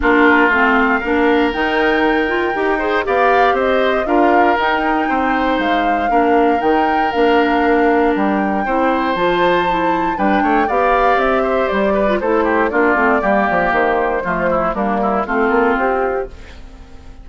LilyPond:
<<
  \new Staff \with { instrumentName = "flute" } { \time 4/4 \tempo 4 = 118 ais'4 f''2 g''4~ | g''2 f''4 dis''4 | f''4 g''2 f''4~ | f''4 g''4 f''2 |
g''2 a''2 | g''4 f''4 e''4 d''4 | c''4 d''2 c''4~ | c''4 ais'4 a'4 g'4 | }
  \new Staff \with { instrumentName = "oboe" } { \time 4/4 f'2 ais'2~ | ais'4. c''8 d''4 c''4 | ais'2 c''2 | ais'1~ |
ais'4 c''2. | b'8 cis''8 d''4. c''4 b'8 | a'8 g'8 f'4 g'2 | f'8 e'8 d'8 e'8 f'2 | }
  \new Staff \with { instrumentName = "clarinet" } { \time 4/4 d'4 c'4 d'4 dis'4~ | dis'8 f'8 g'8 gis'8 g'2 | f'4 dis'2. | d'4 dis'4 d'2~ |
d'4 e'4 f'4 e'4 | d'4 g'2~ g'8. f'16 | e'4 d'8 c'8 ais2 | a4 ais4 c'2 | }
  \new Staff \with { instrumentName = "bassoon" } { \time 4/4 ais4 a4 ais4 dis4~ | dis4 dis'4 b4 c'4 | d'4 dis'4 c'4 gis4 | ais4 dis4 ais2 |
g4 c'4 f2 | g8 a8 b4 c'4 g4 | a4 ais8 a8 g8 f8 dis4 | f4 g4 a8 ais8 c'4 | }
>>